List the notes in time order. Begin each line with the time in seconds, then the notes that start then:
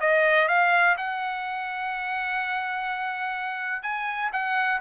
0.00 D#5
0.48 F5
0.97 F#5
3.82 G#5
4.33 F#5